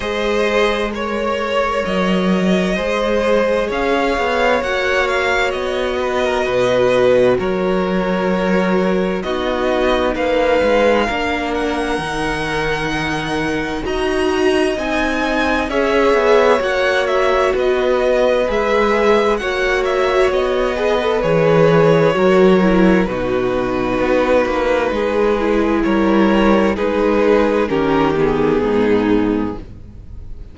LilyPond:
<<
  \new Staff \with { instrumentName = "violin" } { \time 4/4 \tempo 4 = 65 dis''4 cis''4 dis''2 | f''4 fis''8 f''8 dis''2 | cis''2 dis''4 f''4~ | f''8 fis''2~ fis''8 ais''4 |
gis''4 e''4 fis''8 e''8 dis''4 | e''4 fis''8 e''8 dis''4 cis''4~ | cis''4 b'2. | cis''4 b'4 ais'8 gis'4. | }
  \new Staff \with { instrumentName = "violin" } { \time 4/4 c''4 cis''2 c''4 | cis''2~ cis''8 b'16 ais'16 b'4 | ais'2 fis'4 b'4 | ais'2. dis''4~ |
dis''4 cis''2 b'4~ | b'4 cis''4. b'4. | ais'4 fis'2 gis'4 | ais'4 gis'4 g'4 dis'4 | }
  \new Staff \with { instrumentName = "viola" } { \time 4/4 gis'4 ais'2 gis'4~ | gis'4 fis'2.~ | fis'2 dis'2 | d'4 dis'2 fis'4 |
dis'4 gis'4 fis'2 | gis'4 fis'4. gis'16 a'16 gis'4 | fis'8 e'8 dis'2~ dis'8 e'8~ | e'4 dis'4 cis'8 b4. | }
  \new Staff \with { instrumentName = "cello" } { \time 4/4 gis2 fis4 gis4 | cis'8 b8 ais4 b4 b,4 | fis2 b4 ais8 gis8 | ais4 dis2 dis'4 |
c'4 cis'8 b8 ais4 b4 | gis4 ais4 b4 e4 | fis4 b,4 b8 ais8 gis4 | g4 gis4 dis4 gis,4 | }
>>